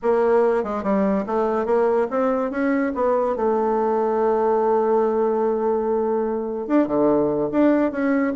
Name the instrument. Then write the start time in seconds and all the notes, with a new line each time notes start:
bassoon
0.02 A#3
0.63 G#3
0.83 G3
1.26 A3
1.65 A#3
2.10 C4
2.50 C#4
2.94 B3
3.36 A3
6.67 D4
6.87 D3
7.51 D4
7.91 C#4